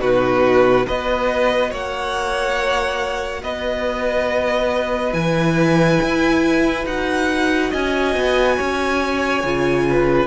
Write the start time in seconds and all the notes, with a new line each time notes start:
0.00 B2 D#4 F#4 B4
0.85 B3 F#4 B4 D#5
1.71 A#3 C#5 F#5
3.42 B3 B4 D#5
5.12 E3 E4 G#5
6.02 E4
6.86 D#4 F#4 F#5
7.70 C#4 D#5 G#5
8.15 B3
8.56 C#4 C#5
9.44 C#3 F4
9.90 B4